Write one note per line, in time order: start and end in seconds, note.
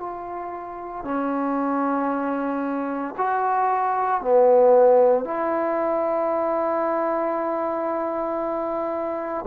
0.00 1.05 F4
1.05 3.15 C#4
3.18 4.22 F#4
4.22 5.24 B3
5.24 9.45 E4